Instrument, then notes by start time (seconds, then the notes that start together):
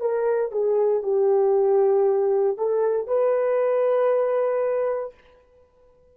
horn
0.00 A#4
0.51 G#4
1.03 G4
2.57 A4
3.07 B4